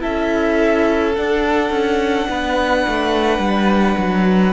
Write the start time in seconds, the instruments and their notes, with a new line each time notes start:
0.00 cello C#4, viola E4, violin A4 E5
1.15 viola D4, cello D4, violin F#5
1.70 cello C#4
2.29 cello B3, violin B4
2.87 cello A3
3.39 cello G3
3.98 cello F#3